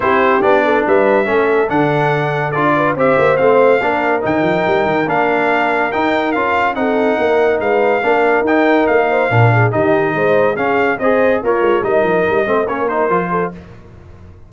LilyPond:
<<
  \new Staff \with { instrumentName = "trumpet" } { \time 4/4 \tempo 4 = 142 c''4 d''4 e''2 | fis''2 d''4 e''4 | f''2 g''2 | f''2 g''4 f''4 |
fis''2 f''2 | g''4 f''2 dis''4~ | dis''4 f''4 dis''4 cis''4 | dis''2 cis''8 c''4. | }
  \new Staff \with { instrumentName = "horn" } { \time 4/4 g'4. a'8 b'4 a'4~ | a'2~ a'8 b'8 c''4~ | c''4 ais'2.~ | ais'1 |
a'4 ais'4 b'4 ais'4~ | ais'4. c''8 ais'8 gis'8 g'4 | c''4 gis'4 c''4 f'4 | ais'4. c''8 ais'4. a'8 | }
  \new Staff \with { instrumentName = "trombone" } { \time 4/4 e'4 d'2 cis'4 | d'2 f'4 g'4 | c'4 d'4 dis'2 | d'2 dis'4 f'4 |
dis'2. d'4 | dis'2 d'4 dis'4~ | dis'4 cis'4 gis'4 ais'4 | dis'4. c'8 cis'8 dis'8 f'4 | }
  \new Staff \with { instrumentName = "tuba" } { \time 4/4 c'4 b4 g4 a4 | d2 d'4 c'8 ais8 | a4 ais4 dis8 f8 g8 dis8 | ais2 dis'4 cis'4 |
c'4 ais4 gis4 ais4 | dis'4 ais4 ais,4 dis4 | gis4 cis'4 c'4 ais8 gis8 | g8 f8 g8 a8 ais4 f4 | }
>>